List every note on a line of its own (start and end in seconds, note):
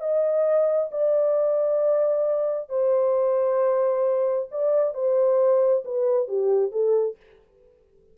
0.00 0.90 D#5
0.91 2.69 D5
2.69 4.48 C5
4.51 4.94 D5
4.94 5.83 C5
5.85 6.28 B4
6.28 6.71 G4
6.71 7.16 A4